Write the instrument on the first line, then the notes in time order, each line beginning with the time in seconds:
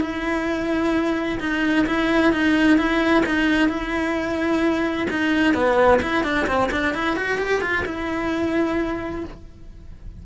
cello
0.00 E4
1.39 D#4
1.86 E4
2.32 D#4
2.77 E4
3.25 D#4
3.68 E4
5.10 D#4
5.54 B3
6.01 E4
6.23 D4
6.47 C4
6.71 D4
6.94 E4
7.16 F#4
7.38 G4
7.61 F4
7.85 E4